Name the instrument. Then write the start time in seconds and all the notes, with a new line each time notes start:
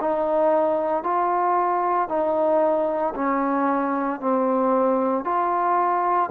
trombone
0.00 D#4
1.03 F4
2.09 D#4
3.15 C#4
4.20 C4
5.24 F4